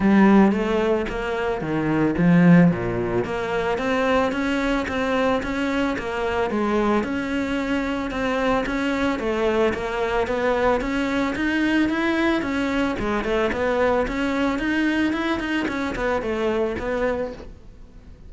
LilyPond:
\new Staff \with { instrumentName = "cello" } { \time 4/4 \tempo 4 = 111 g4 a4 ais4 dis4 | f4 ais,4 ais4 c'4 | cis'4 c'4 cis'4 ais4 | gis4 cis'2 c'4 |
cis'4 a4 ais4 b4 | cis'4 dis'4 e'4 cis'4 | gis8 a8 b4 cis'4 dis'4 | e'8 dis'8 cis'8 b8 a4 b4 | }